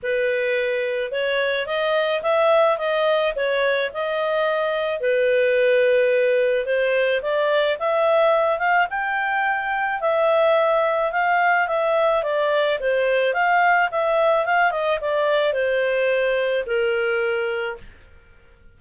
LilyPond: \new Staff \with { instrumentName = "clarinet" } { \time 4/4 \tempo 4 = 108 b'2 cis''4 dis''4 | e''4 dis''4 cis''4 dis''4~ | dis''4 b'2. | c''4 d''4 e''4. f''8 |
g''2 e''2 | f''4 e''4 d''4 c''4 | f''4 e''4 f''8 dis''8 d''4 | c''2 ais'2 | }